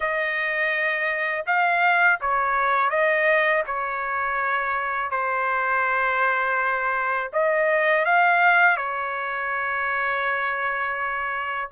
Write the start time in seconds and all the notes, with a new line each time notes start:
0.00 D#5
1.46 F5
2.21 C#5
2.90 D#5
3.66 C#5
5.11 C5
7.32 D#5
8.05 F5
8.76 C#5